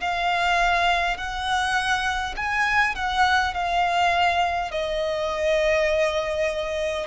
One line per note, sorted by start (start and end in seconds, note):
0.00 1.17 F5
1.17 2.35 F#5
2.36 2.95 G#5
2.95 3.53 F#5
3.53 4.71 F5
4.71 7.06 D#5